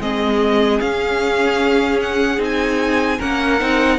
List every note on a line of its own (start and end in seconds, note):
0.00 0.80 G#3
0.00 0.81 C4
0.00 3.19 G#4
0.00 0.80 D#5
0.80 2.38 C#4
0.80 2.00 F5
2.02 2.42 F#5
2.38 3.18 C4
2.38 3.18 D#4
2.45 3.21 G#5
3.19 3.62 A#3
3.19 3.60 C#4
3.19 3.99 A#4
3.19 3.99 F#5
3.60 3.99 C4
3.60 3.99 D#4